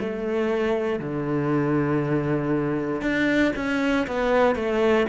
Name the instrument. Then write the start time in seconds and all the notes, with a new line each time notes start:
cello
0.00 A3
1.00 D3
3.02 D4
3.56 C#4
4.08 B3
4.56 A3